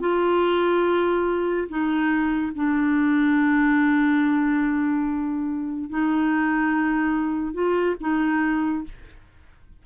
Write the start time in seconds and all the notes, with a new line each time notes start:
0.00 F4
1.68 D#4
2.55 D4
5.90 D#4
7.54 F4
8.00 D#4